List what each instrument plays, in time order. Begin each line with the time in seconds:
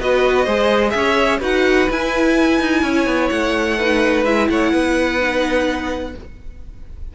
0.00 cello B3, viola F#4, violin B4 D#5
0.44 cello G#3, viola G#4, violin C5
0.91 cello C#4, violin E5
0.97 violin C#5
1.39 cello D#4, viola F#4, violin B4 F#5
1.90 viola E4, cello E4, violin G#5
2.61 cello D#4
2.83 cello C#4, violin C#5
3.06 cello B3
3.30 cello A3, violin F#5
3.78 viola D#4, violin B4
4.25 cello G#3, viola E4, violin E5
4.50 cello A3, violin C#5 F#5
4.72 cello B3, violin B4
5.20 viola D#4